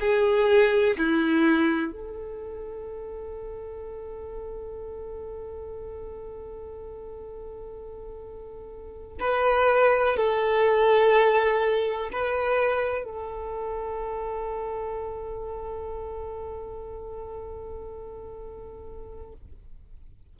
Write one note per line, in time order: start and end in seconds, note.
0.00 0.97 G#4
0.97 1.92 E4
1.92 9.18 A4
9.20 10.16 B4
10.16 12.10 A4
12.12 13.04 B4
13.04 19.33 A4